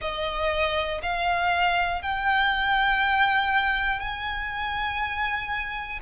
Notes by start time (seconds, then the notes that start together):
0.00 D#5
1.02 F5
2.01 G5
4.00 G#5